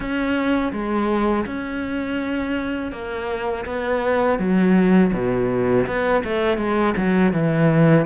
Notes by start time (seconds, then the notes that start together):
0.00 C#4
0.72 G#3
1.45 C#4
2.92 A#3
3.65 B3
4.39 F#3
5.13 B2
5.86 B3
6.24 A3
6.57 G#3
6.96 F#3
7.32 E3